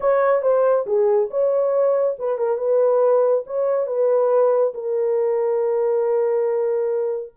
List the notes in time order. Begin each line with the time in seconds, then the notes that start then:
0.00 C#5
0.41 C5
0.86 G#4
1.30 C#5
2.18 B4
2.37 A#4
2.57 B4
3.46 C#5
3.87 B4
4.74 A#4